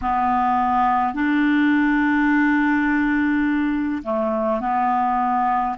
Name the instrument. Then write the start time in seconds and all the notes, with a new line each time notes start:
clarinet
0.01 B3
1.13 D4
4.03 A3
4.60 B3